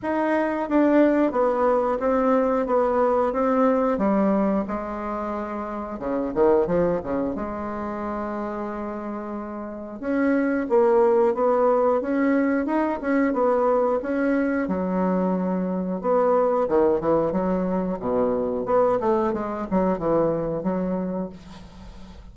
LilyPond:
\new Staff \with { instrumentName = "bassoon" } { \time 4/4 \tempo 4 = 90 dis'4 d'4 b4 c'4 | b4 c'4 g4 gis4~ | gis4 cis8 dis8 f8 cis8 gis4~ | gis2. cis'4 |
ais4 b4 cis'4 dis'8 cis'8 | b4 cis'4 fis2 | b4 dis8 e8 fis4 b,4 | b8 a8 gis8 fis8 e4 fis4 | }